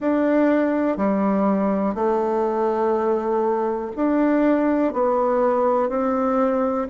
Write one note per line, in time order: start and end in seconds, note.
0.00 0.97 D4
0.97 1.94 G3
1.94 3.91 A3
3.96 4.93 D4
4.93 5.89 B3
5.89 6.87 C4